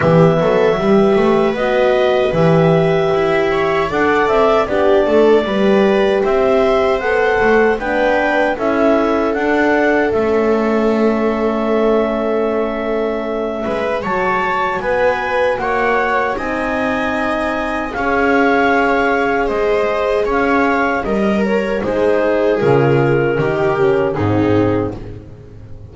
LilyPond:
<<
  \new Staff \with { instrumentName = "clarinet" } { \time 4/4 \tempo 4 = 77 e''2 dis''4 e''4~ | e''4 fis''8 e''8 d''2 | e''4 fis''4 g''4 e''4 | fis''4 e''2.~ |
e''2 a''4 gis''4 | fis''4 gis''2 f''4~ | f''4 dis''4 f''4 dis''8 cis''8 | c''4 ais'2 gis'4 | }
  \new Staff \with { instrumentName = "viola" } { \time 4/4 g'8 a'8 b'2.~ | b'8 cis''8 d''4 g'8 a'8 b'4 | c''2 b'4 a'4~ | a'1~ |
a'4. b'8 cis''4 b'4 | cis''4 dis''2 cis''4~ | cis''4 c''4 cis''4 ais'4 | gis'2 g'4 dis'4 | }
  \new Staff \with { instrumentName = "horn" } { \time 4/4 b4 g'4 fis'4 g'4~ | g'4 a'4 d'4 g'4~ | g'4 a'4 d'4 e'4 | d'4 cis'2.~ |
cis'2 fis'2~ | fis'4 dis'2 gis'4~ | gis'2. ais'4 | dis'4 f'4 dis'8 cis'8 c'4 | }
  \new Staff \with { instrumentName = "double bass" } { \time 4/4 e8 fis8 g8 a8 b4 e4 | e'4 d'8 c'8 b8 a8 g4 | c'4 b8 a8 b4 cis'4 | d'4 a2.~ |
a4. gis8 fis4 b4 | ais4 c'2 cis'4~ | cis'4 gis4 cis'4 g4 | gis4 cis4 dis4 gis,4 | }
>>